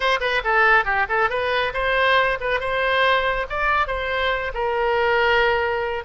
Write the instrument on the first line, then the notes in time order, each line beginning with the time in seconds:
oboe
0.00 C5
0.20 B4
0.44 A4
0.84 G4
1.09 A4
1.29 B4
1.73 C5
2.40 B4
2.60 C5
3.49 D5
3.87 C5
4.54 A#4